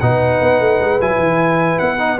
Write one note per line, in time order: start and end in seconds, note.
0.00 0.40 B2
0.00 1.00 D#4
0.00 2.20 B4
0.00 1.00 F#5
0.40 0.60 B3
0.60 0.80 A3
0.80 1.00 G#3
1.00 1.17 F#3
1.00 1.98 E4
1.00 1.79 G#5
1.17 1.77 E3
1.79 2.20 B3
1.79 2.19 F#5
1.98 2.18 D#4